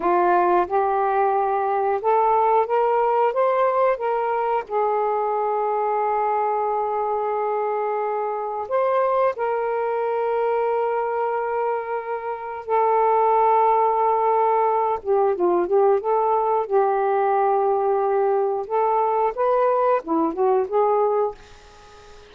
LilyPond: \new Staff \with { instrumentName = "saxophone" } { \time 4/4 \tempo 4 = 90 f'4 g'2 a'4 | ais'4 c''4 ais'4 gis'4~ | gis'1~ | gis'4 c''4 ais'2~ |
ais'2. a'4~ | a'2~ a'8 g'8 f'8 g'8 | a'4 g'2. | a'4 b'4 e'8 fis'8 gis'4 | }